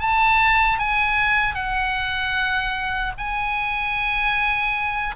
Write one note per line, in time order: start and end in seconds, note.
0.00 0.79 A5
0.79 1.55 G#5
1.55 3.13 F#5
3.18 5.15 G#5